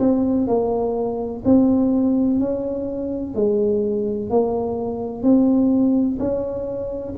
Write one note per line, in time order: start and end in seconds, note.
0.00 0.48 C4
0.48 1.43 A#3
1.45 2.40 C4
2.40 3.35 C#4
3.35 4.30 G#3
4.30 5.23 A#3
5.23 6.18 C4
6.19 7.15 C#4